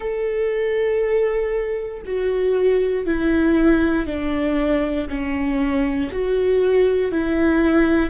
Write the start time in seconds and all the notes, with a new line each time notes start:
0.00 A4
2.05 F#4
3.06 E4
4.06 D4
5.08 C#4
6.11 F#4
7.11 E4